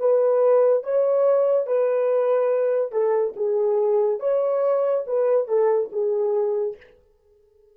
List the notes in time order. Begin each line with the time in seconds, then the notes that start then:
0.00 B4
0.84 C#5
1.67 B4
2.92 A4
3.36 G#4
4.21 C#5
5.07 B4
5.49 A4
5.93 G#4